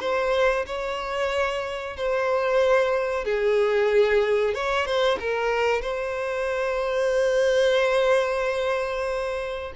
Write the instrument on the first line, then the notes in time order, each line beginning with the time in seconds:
violin
0.00 C5
0.66 C#5
1.97 C5
3.25 G#4
4.54 C#5
4.86 C5
5.20 A#4
5.81 C5